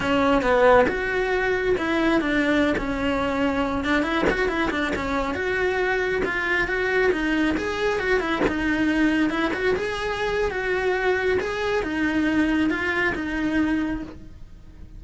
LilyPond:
\new Staff \with { instrumentName = "cello" } { \time 4/4 \tempo 4 = 137 cis'4 b4 fis'2 | e'4 d'4~ d'16 cis'4.~ cis'16~ | cis'8. d'8 e'8 fis'8 e'8 d'8 cis'8.~ | cis'16 fis'2 f'4 fis'8.~ |
fis'16 dis'4 gis'4 fis'8 e'8 dis'8.~ | dis'4~ dis'16 e'8 fis'8 gis'4.~ gis'16 | fis'2 gis'4 dis'4~ | dis'4 f'4 dis'2 | }